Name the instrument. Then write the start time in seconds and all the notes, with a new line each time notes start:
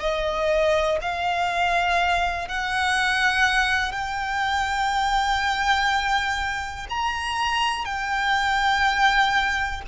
violin
0.00 D#5
1.01 F5
2.48 F#5
3.92 G5
6.89 A#5
7.85 G5